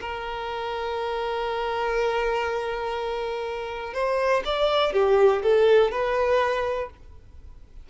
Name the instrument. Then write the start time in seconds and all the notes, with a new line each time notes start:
violin
0.00 A#4
3.93 C5
4.45 D5
4.93 G4
5.42 A4
5.91 B4